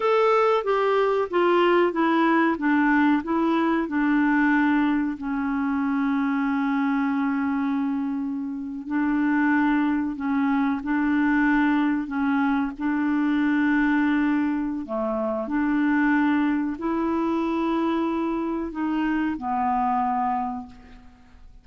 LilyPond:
\new Staff \with { instrumentName = "clarinet" } { \time 4/4 \tempo 4 = 93 a'4 g'4 f'4 e'4 | d'4 e'4 d'2 | cis'1~ | cis'4.~ cis'16 d'2 cis'16~ |
cis'8. d'2 cis'4 d'16~ | d'2. a4 | d'2 e'2~ | e'4 dis'4 b2 | }